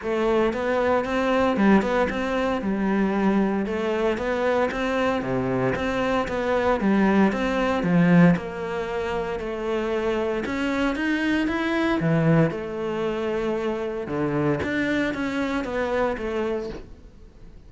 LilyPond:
\new Staff \with { instrumentName = "cello" } { \time 4/4 \tempo 4 = 115 a4 b4 c'4 g8 b8 | c'4 g2 a4 | b4 c'4 c4 c'4 | b4 g4 c'4 f4 |
ais2 a2 | cis'4 dis'4 e'4 e4 | a2. d4 | d'4 cis'4 b4 a4 | }